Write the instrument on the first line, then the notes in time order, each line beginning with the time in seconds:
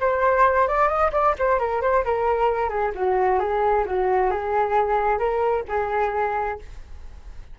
flute
0.00 C5
0.68 D5
0.88 D#5
1.12 D5
1.38 C5
1.59 A#4
1.81 C5
2.05 A#4
2.69 G#4
2.95 F#4
3.39 G#4
3.86 F#4
4.31 G#4
5.19 A#4
5.68 G#4